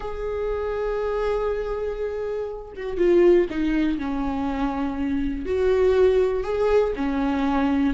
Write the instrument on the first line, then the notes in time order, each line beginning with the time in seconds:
viola
0.00 G#4
2.76 F#4
2.97 F4
3.50 D#4
3.98 C#4
5.45 F#4
6.43 G#4
6.96 C#4